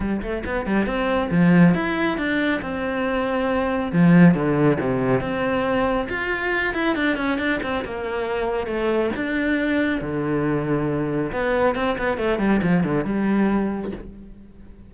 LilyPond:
\new Staff \with { instrumentName = "cello" } { \time 4/4 \tempo 4 = 138 g8 a8 b8 g8 c'4 f4 | e'4 d'4 c'2~ | c'4 f4 d4 c4 | c'2 f'4. e'8 |
d'8 cis'8 d'8 c'8 ais2 | a4 d'2 d4~ | d2 b4 c'8 b8 | a8 g8 f8 d8 g2 | }